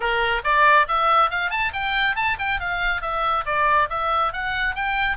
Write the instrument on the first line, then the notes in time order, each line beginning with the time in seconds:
oboe
0.00 A#4
0.44 D5
0.88 E5
1.30 F5
1.50 A5
1.73 G5
2.15 A5
2.38 G5
2.59 F5
3.01 E5
3.45 D5
3.89 E5
4.32 F#5
4.75 G5